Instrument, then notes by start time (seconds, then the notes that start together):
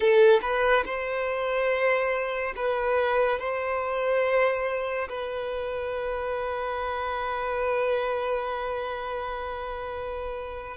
violin
0.00 A4
0.41 B4
0.85 C5
2.55 B4
3.39 C5
5.08 B4